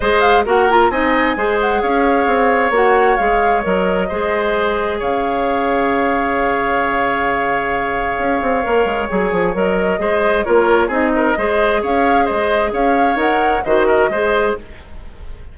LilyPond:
<<
  \new Staff \with { instrumentName = "flute" } { \time 4/4 \tempo 4 = 132 dis''8 f''8 fis''8 ais''8 gis''4. fis''8 | f''2 fis''4 f''4 | dis''2. f''4~ | f''1~ |
f''1 | gis''4 dis''2 cis''4 | dis''2 f''4 dis''4 | f''4 fis''4 dis''2 | }
  \new Staff \with { instrumentName = "oboe" } { \time 4/4 c''4 ais'4 dis''4 c''4 | cis''1~ | cis''4 c''2 cis''4~ | cis''1~ |
cis''1~ | cis''2 c''4 ais'4 | gis'8 ais'8 c''4 cis''4 c''4 | cis''2 c''8 ais'8 c''4 | }
  \new Staff \with { instrumentName = "clarinet" } { \time 4/4 gis'4 fis'8 f'8 dis'4 gis'4~ | gis'2 fis'4 gis'4 | ais'4 gis'2.~ | gis'1~ |
gis'2. ais'4 | gis'4 ais'4 gis'4 f'4 | dis'4 gis'2.~ | gis'4 ais'4 fis'4 gis'4 | }
  \new Staff \with { instrumentName = "bassoon" } { \time 4/4 gis4 ais4 c'4 gis4 | cis'4 c'4 ais4 gis4 | fis4 gis2 cis4~ | cis1~ |
cis2 cis'8 c'8 ais8 gis8 | fis8 f8 fis4 gis4 ais4 | c'4 gis4 cis'4 gis4 | cis'4 dis'4 dis4 gis4 | }
>>